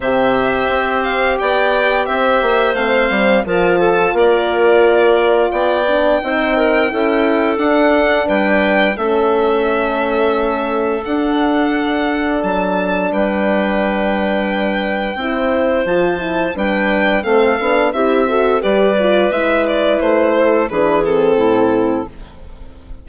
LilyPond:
<<
  \new Staff \with { instrumentName = "violin" } { \time 4/4 \tempo 4 = 87 e''4. f''8 g''4 e''4 | f''4 a''4 d''2 | g''2. fis''4 | g''4 e''2. |
fis''2 a''4 g''4~ | g''2. a''4 | g''4 f''4 e''4 d''4 | e''8 d''8 c''4 b'8 a'4. | }
  \new Staff \with { instrumentName = "clarinet" } { \time 4/4 c''2 d''4 c''4~ | c''4 ais'8 a'8 ais'2 | d''4 c''8 ais'8 a'2 | b'4 a'2.~ |
a'2. b'4~ | b'2 c''2 | b'4 a'4 g'8 a'8 b'4~ | b'4. a'8 gis'4 e'4 | }
  \new Staff \with { instrumentName = "horn" } { \time 4/4 g'1 | c'4 f'2.~ | f'8 d'8 dis'4 e'4 d'4~ | d'4 cis'2. |
d'1~ | d'2 e'4 f'8 e'8 | d'4 c'8 d'8 e'8 fis'8 g'8 f'8 | e'2 d'8 c'4. | }
  \new Staff \with { instrumentName = "bassoon" } { \time 4/4 c4 c'4 b4 c'8 ais8 | a8 g8 f4 ais2 | b4 c'4 cis'4 d'4 | g4 a2. |
d'2 fis4 g4~ | g2 c'4 f4 | g4 a8 b8 c'4 g4 | gis4 a4 e4 a,4 | }
>>